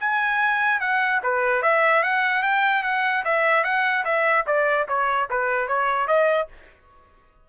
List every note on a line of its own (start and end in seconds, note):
0.00 0.80 G#5
0.80 1.21 F#5
1.23 1.63 B4
1.63 2.03 E5
2.03 2.43 F#5
2.43 2.83 G5
2.83 3.24 F#5
3.25 3.64 E5
3.64 4.04 F#5
4.05 4.45 E5
4.47 4.87 D5
4.88 5.29 C#5
5.30 5.68 B4
5.68 6.07 C#5
6.07 6.48 D#5